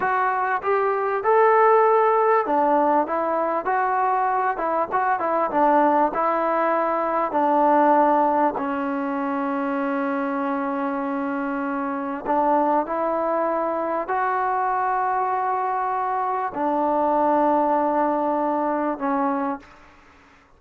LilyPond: \new Staff \with { instrumentName = "trombone" } { \time 4/4 \tempo 4 = 98 fis'4 g'4 a'2 | d'4 e'4 fis'4. e'8 | fis'8 e'8 d'4 e'2 | d'2 cis'2~ |
cis'1 | d'4 e'2 fis'4~ | fis'2. d'4~ | d'2. cis'4 | }